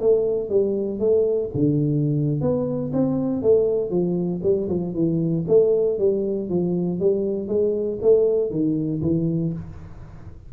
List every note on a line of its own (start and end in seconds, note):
0.00 0.49 A3
0.49 0.99 G3
0.99 1.50 A3
1.54 2.41 D3
2.41 2.91 B3
2.93 3.42 C4
3.42 3.90 A3
3.90 4.41 F3
4.43 4.68 G3
4.68 4.94 F3
4.94 5.45 E3
5.47 5.98 A3
5.98 6.49 G3
6.49 7.00 F3
7.00 7.48 G3
7.48 7.99 G#3
8.02 8.51 A3
8.51 9.01 D#3
9.02 9.52 E3